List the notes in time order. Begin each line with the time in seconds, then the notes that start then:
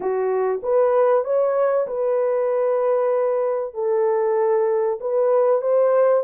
0.00 F#4
0.62 B4
1.24 C#5
1.87 B4
3.74 A4
5.00 B4
5.61 C5